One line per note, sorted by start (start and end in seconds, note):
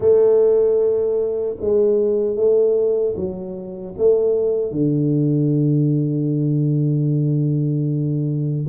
0.00 1.56 A3
1.60 2.36 G#3
2.36 3.15 A3
3.15 3.94 F#3
3.97 4.71 A3
4.71 8.66 D3